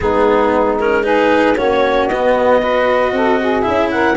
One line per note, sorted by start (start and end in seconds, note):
0.00 1.56 G#3
0.00 0.80 B3
0.00 1.04 D#4
0.00 0.77 G#4
0.78 1.03 C#4
0.78 1.04 A#4
1.03 1.55 D#4
1.03 1.56 G#4
1.03 1.56 B4
1.56 2.08 A#3
1.56 2.09 C#4
1.56 2.60 F#4
1.56 2.07 C#5
2.07 3.11 B3
2.07 2.62 B3
2.07 3.61 D#5
2.60 3.62 F#4
2.60 3.13 B4
3.11 3.64 C4
3.11 3.40 A4
3.40 3.92 G#4
3.61 4.16 C#4
3.61 4.14 E4
3.61 3.87 E5
3.91 4.16 A#4
3.91 4.16 F#5